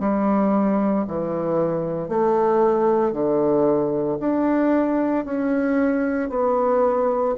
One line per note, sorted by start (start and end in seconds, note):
0.00 1.05 G3
1.07 2.09 E3
2.09 3.12 A3
3.12 4.18 D3
4.20 5.25 D4
5.25 6.30 C#4
6.30 7.35 B3